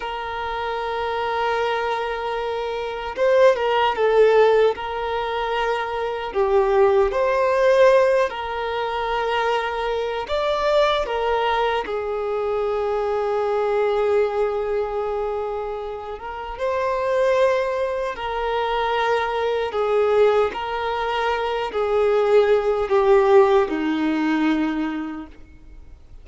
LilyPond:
\new Staff \with { instrumentName = "violin" } { \time 4/4 \tempo 4 = 76 ais'1 | c''8 ais'8 a'4 ais'2 | g'4 c''4. ais'4.~ | ais'4 d''4 ais'4 gis'4~ |
gis'1~ | gis'8 ais'8 c''2 ais'4~ | ais'4 gis'4 ais'4. gis'8~ | gis'4 g'4 dis'2 | }